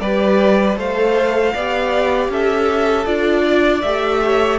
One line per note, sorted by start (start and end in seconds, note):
0.00 0.77 G3
0.00 0.77 G4
0.00 0.78 B4
0.00 0.77 D5
0.77 1.54 A3
0.77 1.54 A4
0.77 1.54 C5
0.77 2.33 F5
1.54 2.29 B3
1.54 3.05 G4
1.54 2.31 D5
2.29 3.06 C#4
2.29 3.44 A4
2.29 3.06 E5
3.05 3.83 D4
3.05 3.82 F4
3.05 3.82 D5
3.44 4.21 D5
3.82 4.59 A3
3.82 4.59 G4
3.82 4.59 E5
4.25 4.59 C#5